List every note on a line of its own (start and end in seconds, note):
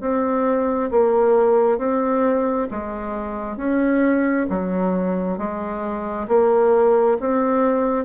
0.00 0.90 C4
0.90 1.78 A#3
1.78 2.67 C4
2.70 3.56 G#3
3.56 4.46 C#4
4.49 5.37 F#3
5.37 6.27 G#3
6.28 7.17 A#3
7.20 8.04 C4